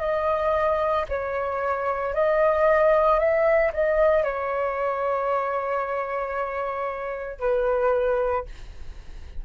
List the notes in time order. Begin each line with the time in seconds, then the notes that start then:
0.00 D#5
1.09 C#5
2.14 D#5
3.19 E5
3.73 D#5
4.24 C#5
7.40 B4